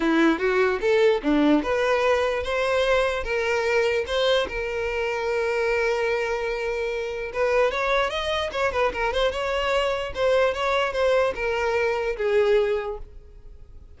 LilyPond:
\new Staff \with { instrumentName = "violin" } { \time 4/4 \tempo 4 = 148 e'4 fis'4 a'4 d'4 | b'2 c''2 | ais'2 c''4 ais'4~ | ais'1~ |
ais'2 b'4 cis''4 | dis''4 cis''8 b'8 ais'8 c''8 cis''4~ | cis''4 c''4 cis''4 c''4 | ais'2 gis'2 | }